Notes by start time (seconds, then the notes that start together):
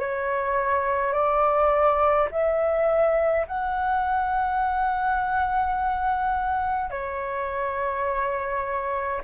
0.00 C#5
1.13 D5
2.32 E5
3.48 F#5
6.91 C#5